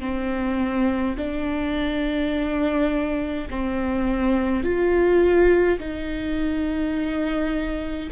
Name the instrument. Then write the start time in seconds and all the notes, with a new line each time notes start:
viola
0.00 C4
1.17 D4
3.50 C4
4.63 F4
5.79 D#4